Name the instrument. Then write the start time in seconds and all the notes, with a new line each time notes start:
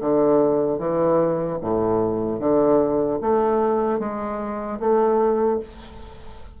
bassoon
0.00 D3
0.78 E3
1.61 A2
2.39 D3
3.20 A3
3.99 G#3
4.79 A3